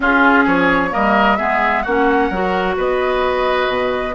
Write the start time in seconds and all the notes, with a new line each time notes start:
0.00 C#4 F4 G#4
0.44 F3 G#4 C#5
0.90 G3 A#3 A#4 D#5
1.36 G#3 B3 G#4 E5
1.82 A#3 C#4 F#4 F#5
2.29 F#3 F#4 A#4
2.77 B3 B4 D#5
3.68 B2